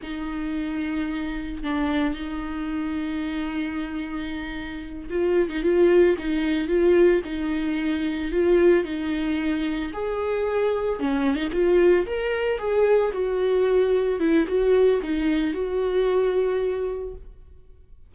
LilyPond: \new Staff \with { instrumentName = "viola" } { \time 4/4 \tempo 4 = 112 dis'2. d'4 | dis'1~ | dis'4. f'8. dis'16 f'4 dis'8~ | dis'8 f'4 dis'2 f'8~ |
f'8 dis'2 gis'4.~ | gis'8 cis'8. dis'16 f'4 ais'4 gis'8~ | gis'8 fis'2 e'8 fis'4 | dis'4 fis'2. | }